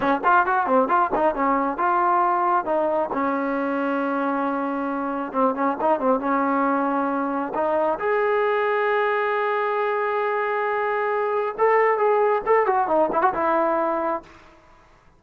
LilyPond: \new Staff \with { instrumentName = "trombone" } { \time 4/4 \tempo 4 = 135 cis'8 f'8 fis'8 c'8 f'8 dis'8 cis'4 | f'2 dis'4 cis'4~ | cis'1 | c'8 cis'8 dis'8 c'8 cis'2~ |
cis'4 dis'4 gis'2~ | gis'1~ | gis'2 a'4 gis'4 | a'8 fis'8 dis'8 e'16 fis'16 e'2 | }